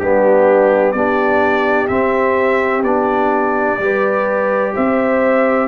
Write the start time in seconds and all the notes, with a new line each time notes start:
0.00 G3 B3 D4 G4
0.92 B3 D4 G4 D5
1.88 C4 E5
2.83 B3 D4 D5
3.79 G3 G4 B4
4.74 C4 C5 E5